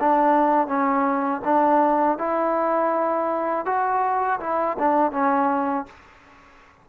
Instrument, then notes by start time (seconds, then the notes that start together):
trombone
0.00 D4
0.67 C#4
1.44 D4
2.18 E4
3.66 F#4
4.40 E4
4.79 D4
5.12 C#4